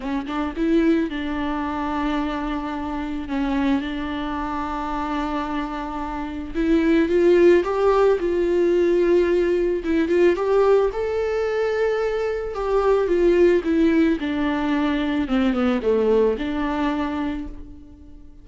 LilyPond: \new Staff \with { instrumentName = "viola" } { \time 4/4 \tempo 4 = 110 cis'8 d'8 e'4 d'2~ | d'2 cis'4 d'4~ | d'1 | e'4 f'4 g'4 f'4~ |
f'2 e'8 f'8 g'4 | a'2. g'4 | f'4 e'4 d'2 | c'8 b8 a4 d'2 | }